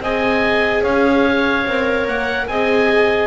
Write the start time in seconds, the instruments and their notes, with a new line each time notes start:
0.00 double bass C4, viola G#4, clarinet D#5, oboe G#5
0.82 double bass C#4, clarinet C#5, oboe F5
1.66 double bass C4, viola A#4
2.07 double bass A#3, oboe F#5
2.47 double bass C4, viola G#4, clarinet D#5, oboe G#5